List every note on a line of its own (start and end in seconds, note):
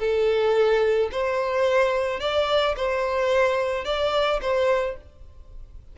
0.00 1.10 A4
1.12 2.21 C5
2.21 2.76 D5
2.77 3.86 C5
3.86 4.41 D5
4.42 4.97 C5